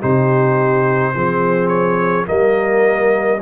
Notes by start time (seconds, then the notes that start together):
0.00 C3 D#4 G4 C5
1.15 F3 C4 G#4
1.69 C#5
2.26 G3 A#3 A#4 D#5